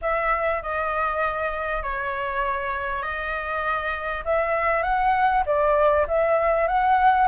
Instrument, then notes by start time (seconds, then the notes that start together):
flute
0.01 E5
0.62 D#5
1.82 C#5
3.02 D#5
4.24 E5
4.83 F#5
5.45 D5
6.07 E5
6.67 F#5